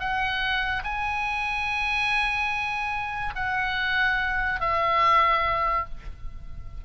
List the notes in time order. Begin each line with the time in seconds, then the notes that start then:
0.00 F#5
0.84 G#5
3.36 F#5
4.61 E5